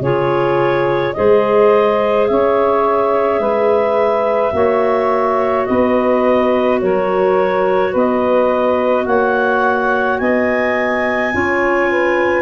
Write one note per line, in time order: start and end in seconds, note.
0.00 1.13 C#3
0.00 1.14 F4
0.00 1.14 G#4
0.00 1.14 C#5
1.14 2.30 G#3
1.14 4.53 G#4
1.14 2.30 C5
1.14 2.27 D#5
2.27 3.39 C#4
2.27 3.40 C#5
2.27 5.66 E5
3.39 4.52 G#3
3.39 4.53 B4
4.53 5.66 A#3
4.53 11.32 F#4
4.53 5.67 C#5
5.66 6.82 B3
5.66 6.81 B4
5.66 6.79 D#5
6.81 7.95 F#3
6.81 7.91 A#4
6.81 7.94 C#5
7.91 9.06 B3
7.91 9.04 B4
7.91 9.06 D#5
9.06 10.19 A#3
9.06 10.19 C#5
9.06 10.19 F#5
10.19 11.33 B3
10.19 11.34 D#5
10.19 12.42 G#5
11.33 12.42 C#4
11.33 12.42 F4
11.33 11.90 C#5
11.90 12.42 B4